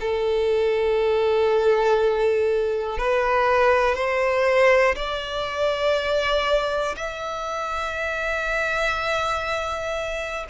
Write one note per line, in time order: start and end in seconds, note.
0.00 2.98 A4
2.98 3.95 B4
3.95 4.95 C5
4.95 6.95 D5
6.96 10.46 E5